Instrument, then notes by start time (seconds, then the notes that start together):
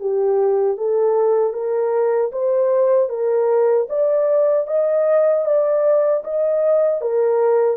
horn
0.00 G4
0.77 A4
1.53 A#4
2.32 C5
3.09 A#4
3.89 D5
4.67 D#5
5.45 D5
6.24 D#5
7.01 A#4